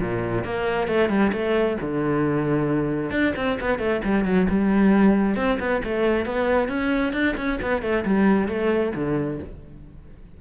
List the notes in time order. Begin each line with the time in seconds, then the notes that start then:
0.00 A#2
0.45 A#3
0.88 A3
1.09 G3
1.32 A3
1.81 D3
3.11 D4
3.36 C4
3.60 B3
3.79 A3
4.04 G3
4.25 F#3
4.50 G3
5.36 C4
5.60 B3
5.84 A3
6.25 B3
6.68 C#4
7.13 D4
7.37 C#4
7.62 B3
7.82 A3
8.05 G3
8.48 A3
8.95 D3